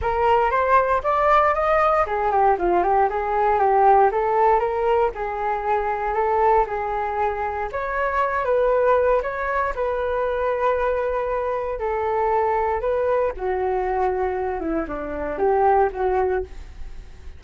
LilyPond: \new Staff \with { instrumentName = "flute" } { \time 4/4 \tempo 4 = 117 ais'4 c''4 d''4 dis''4 | gis'8 g'8 f'8 g'8 gis'4 g'4 | a'4 ais'4 gis'2 | a'4 gis'2 cis''4~ |
cis''8 b'4. cis''4 b'4~ | b'2. a'4~ | a'4 b'4 fis'2~ | fis'8 e'8 d'4 g'4 fis'4 | }